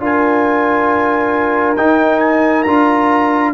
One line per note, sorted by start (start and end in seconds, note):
0.00 1.76 D4
0.00 1.77 F4
0.00 3.55 A#4
0.00 1.77 G#5
1.77 2.66 D#4
1.77 2.67 D#4
1.77 2.20 G5
2.20 2.63 G#5
2.63 3.55 D4
2.63 3.55 F4
2.63 3.51 A#5